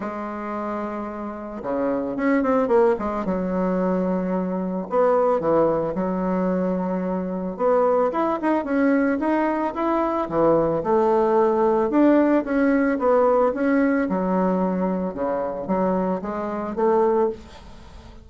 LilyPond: \new Staff \with { instrumentName = "bassoon" } { \time 4/4 \tempo 4 = 111 gis2. cis4 | cis'8 c'8 ais8 gis8 fis2~ | fis4 b4 e4 fis4~ | fis2 b4 e'8 dis'8 |
cis'4 dis'4 e'4 e4 | a2 d'4 cis'4 | b4 cis'4 fis2 | cis4 fis4 gis4 a4 | }